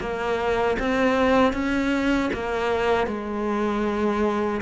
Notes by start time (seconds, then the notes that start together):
0.00 A#3
0.79 C4
1.53 C#4
2.33 A#3
3.07 G#3